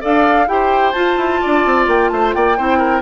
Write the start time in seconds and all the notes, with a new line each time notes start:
0.00 D4 A4 D5 F5
0.47 E4 G4 C5 G5
0.92 F4 A5
1.16 E4
1.41 D4 D5
1.65 C4
1.87 A#3 G5
2.09 A3 C5 A5
2.33 A#3 D5 G5
2.57 C4 E4 C5
2.78 A#4